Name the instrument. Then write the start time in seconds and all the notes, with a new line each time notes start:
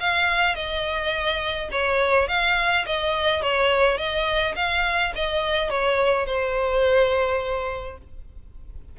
violin
0.00 F5
0.55 D#5
1.71 C#5
2.28 F5
2.86 D#5
3.42 C#5
3.97 D#5
4.56 F5
5.15 D#5
5.70 C#5
6.26 C5